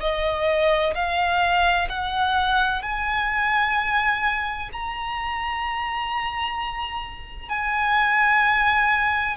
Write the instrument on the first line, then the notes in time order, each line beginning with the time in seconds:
violin
0.00 D#5
0.94 F5
1.88 F#5
2.82 G#5
4.72 A#5
7.49 G#5